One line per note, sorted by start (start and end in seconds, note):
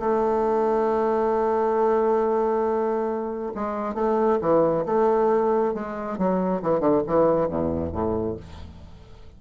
0.00 3.53 A3
3.55 3.95 G#3
3.95 4.39 A3
4.41 4.85 E3
4.86 5.74 A3
5.75 6.18 G#3
6.18 6.62 F#3
6.63 6.80 E3
6.80 7.02 D3
7.07 7.49 E3
7.49 7.93 E2
7.93 8.37 A2